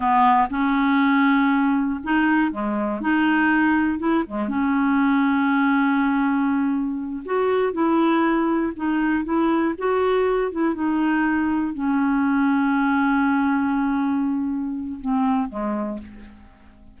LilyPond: \new Staff \with { instrumentName = "clarinet" } { \time 4/4 \tempo 4 = 120 b4 cis'2. | dis'4 gis4 dis'2 | e'8 gis8 cis'2.~ | cis'2~ cis'8 fis'4 e'8~ |
e'4. dis'4 e'4 fis'8~ | fis'4 e'8 dis'2 cis'8~ | cis'1~ | cis'2 c'4 gis4 | }